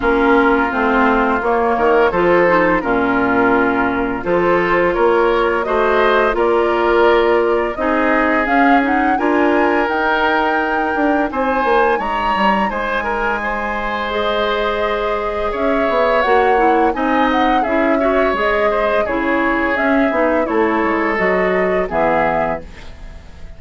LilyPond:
<<
  \new Staff \with { instrumentName = "flute" } { \time 4/4 \tempo 4 = 85 ais'4 c''4 cis''4 c''4 | ais'2 c''4 cis''4 | dis''4 d''2 dis''4 | f''8 fis''8 gis''4 g''2 |
gis''4 ais''4 gis''2 | dis''2 e''4 fis''4 | gis''8 fis''8 e''4 dis''4 cis''4 | e''4 cis''4 dis''4 e''4 | }
  \new Staff \with { instrumentName = "oboe" } { \time 4/4 f'2~ f'8 ais'8 a'4 | f'2 a'4 ais'4 | c''4 ais'2 gis'4~ | gis'4 ais'2. |
c''4 cis''4 c''8 ais'8 c''4~ | c''2 cis''2 | dis''4 gis'8 cis''4 c''8 gis'4~ | gis'4 a'2 gis'4 | }
  \new Staff \with { instrumentName = "clarinet" } { \time 4/4 cis'4 c'4 ais4 f'8 dis'8 | cis'2 f'2 | fis'4 f'2 dis'4 | cis'8 dis'8 f'4 dis'2~ |
dis'1 | gis'2. fis'8 e'8 | dis'4 e'8 fis'8 gis'4 e'4 | cis'8 dis'8 e'4 fis'4 b4 | }
  \new Staff \with { instrumentName = "bassoon" } { \time 4/4 ais4 a4 ais8 dis8 f4 | ais,2 f4 ais4 | a4 ais2 c'4 | cis'4 d'4 dis'4. d'8 |
c'8 ais8 gis8 g8 gis2~ | gis2 cis'8 b8 ais4 | c'4 cis'4 gis4 cis4 | cis'8 b8 a8 gis8 fis4 e4 | }
>>